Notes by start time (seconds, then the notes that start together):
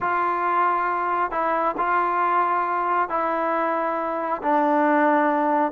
0.00 F4
1.31 E4
1.77 F4
3.09 E4
4.42 D4